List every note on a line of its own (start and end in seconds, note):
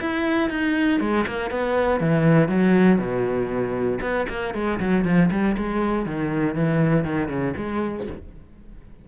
0.00 0.50 E4
0.50 1.00 D#4
1.00 1.25 G#3
1.27 1.50 A#3
1.50 2.00 B3
2.00 2.48 E3
2.48 2.98 F#3
2.98 3.99 B2
4.01 4.26 B3
4.29 4.54 A#3
4.54 4.79 G#3
4.80 5.04 F#3
5.04 5.29 F3
5.31 5.56 G3
5.57 6.05 G#3
6.05 6.55 D#3
6.55 7.04 E3
7.04 7.28 D#3
7.28 7.54 C#3
7.56 8.06 G#3